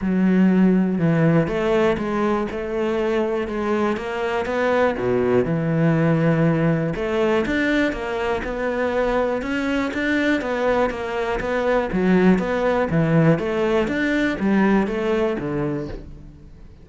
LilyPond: \new Staff \with { instrumentName = "cello" } { \time 4/4 \tempo 4 = 121 fis2 e4 a4 | gis4 a2 gis4 | ais4 b4 b,4 e4~ | e2 a4 d'4 |
ais4 b2 cis'4 | d'4 b4 ais4 b4 | fis4 b4 e4 a4 | d'4 g4 a4 d4 | }